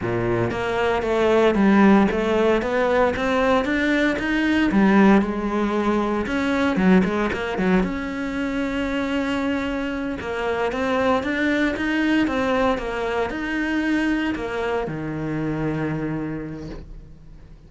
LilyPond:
\new Staff \with { instrumentName = "cello" } { \time 4/4 \tempo 4 = 115 ais,4 ais4 a4 g4 | a4 b4 c'4 d'4 | dis'4 g4 gis2 | cis'4 fis8 gis8 ais8 fis8 cis'4~ |
cis'2.~ cis'8 ais8~ | ais8 c'4 d'4 dis'4 c'8~ | c'8 ais4 dis'2 ais8~ | ais8 dis2.~ dis8 | }